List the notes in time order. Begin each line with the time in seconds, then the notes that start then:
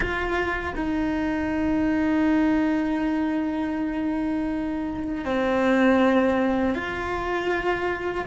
0.00 F4
0.75 D#4
5.24 C4
6.74 F4